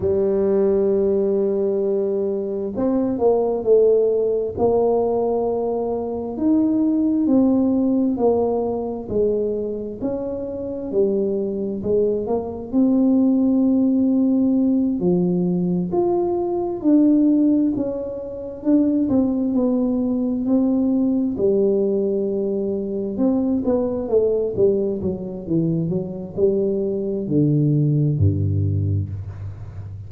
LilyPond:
\new Staff \with { instrumentName = "tuba" } { \time 4/4 \tempo 4 = 66 g2. c'8 ais8 | a4 ais2 dis'4 | c'4 ais4 gis4 cis'4 | g4 gis8 ais8 c'2~ |
c'8 f4 f'4 d'4 cis'8~ | cis'8 d'8 c'8 b4 c'4 g8~ | g4. c'8 b8 a8 g8 fis8 | e8 fis8 g4 d4 g,4 | }